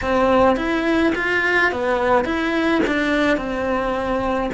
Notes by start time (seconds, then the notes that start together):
0.01 C4
0.56 E4
1.15 F4
1.71 B3
2.24 E4
2.86 D4
3.37 C4